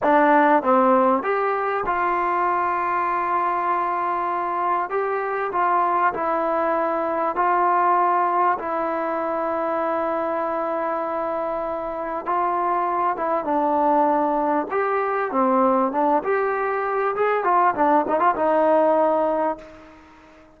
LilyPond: \new Staff \with { instrumentName = "trombone" } { \time 4/4 \tempo 4 = 98 d'4 c'4 g'4 f'4~ | f'1 | g'4 f'4 e'2 | f'2 e'2~ |
e'1 | f'4. e'8 d'2 | g'4 c'4 d'8 g'4. | gis'8 f'8 d'8 dis'16 f'16 dis'2 | }